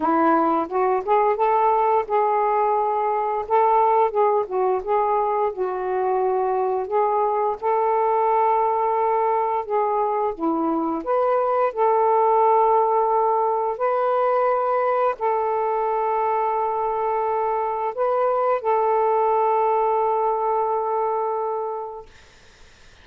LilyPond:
\new Staff \with { instrumentName = "saxophone" } { \time 4/4 \tempo 4 = 87 e'4 fis'8 gis'8 a'4 gis'4~ | gis'4 a'4 gis'8 fis'8 gis'4 | fis'2 gis'4 a'4~ | a'2 gis'4 e'4 |
b'4 a'2. | b'2 a'2~ | a'2 b'4 a'4~ | a'1 | }